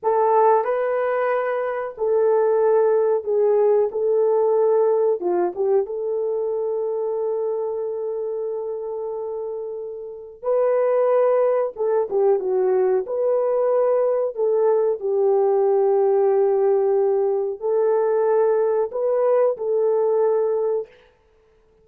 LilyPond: \new Staff \with { instrumentName = "horn" } { \time 4/4 \tempo 4 = 92 a'4 b'2 a'4~ | a'4 gis'4 a'2 | f'8 g'8 a'2.~ | a'1 |
b'2 a'8 g'8 fis'4 | b'2 a'4 g'4~ | g'2. a'4~ | a'4 b'4 a'2 | }